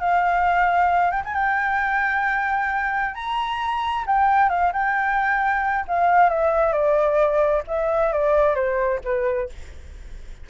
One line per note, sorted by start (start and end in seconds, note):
0.00 1.11 F5
1.11 1.22 G5
1.25 1.34 G#5
1.34 3.15 G5
3.15 4.05 A#5
4.07 4.50 G5
4.50 4.72 F5
4.73 5.86 G5
5.88 6.29 F5
6.29 6.73 E5
6.73 7.63 D5
7.68 8.13 E5
8.13 8.55 D5
8.55 9.00 C5
9.04 9.49 B4